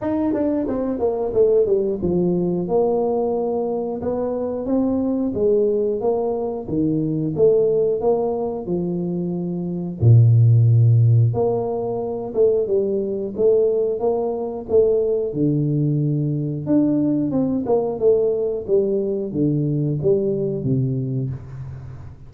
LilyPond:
\new Staff \with { instrumentName = "tuba" } { \time 4/4 \tempo 4 = 90 dis'8 d'8 c'8 ais8 a8 g8 f4 | ais2 b4 c'4 | gis4 ais4 dis4 a4 | ais4 f2 ais,4~ |
ais,4 ais4. a8 g4 | a4 ais4 a4 d4~ | d4 d'4 c'8 ais8 a4 | g4 d4 g4 c4 | }